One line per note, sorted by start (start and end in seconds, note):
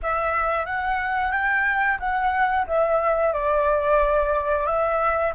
0.02 0.65 E5
0.65 1.31 F#5
1.31 1.98 G5
1.99 2.66 F#5
2.66 3.33 E5
3.33 4.66 D5
4.66 5.32 E5